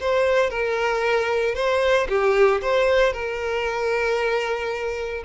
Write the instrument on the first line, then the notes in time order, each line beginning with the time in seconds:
violin
0.00 C5
0.50 A#4
1.55 C5
2.08 G4
2.61 C5
3.13 A#4